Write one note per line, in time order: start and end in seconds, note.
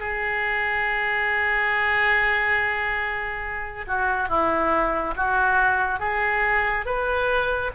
0.00 3.86 G#4
3.87 4.29 F#4
4.29 5.15 E4
5.17 6.00 F#4
6.00 6.86 G#4
6.86 7.71 B4